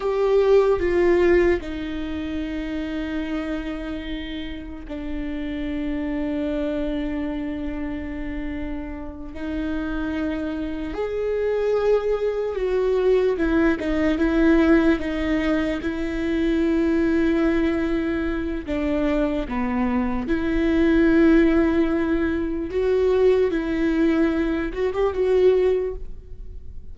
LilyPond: \new Staff \with { instrumentName = "viola" } { \time 4/4 \tempo 4 = 74 g'4 f'4 dis'2~ | dis'2 d'2~ | d'2.~ d'8 dis'8~ | dis'4. gis'2 fis'8~ |
fis'8 e'8 dis'8 e'4 dis'4 e'8~ | e'2. d'4 | b4 e'2. | fis'4 e'4. fis'16 g'16 fis'4 | }